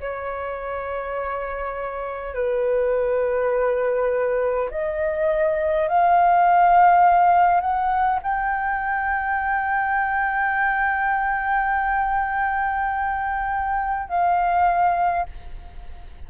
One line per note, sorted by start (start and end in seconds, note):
0.00 2.34 C#5
2.34 4.69 B4
4.70 5.88 D#5
5.88 7.60 F5
7.60 8.19 F#5
8.22 14.09 G5
14.09 15.26 F5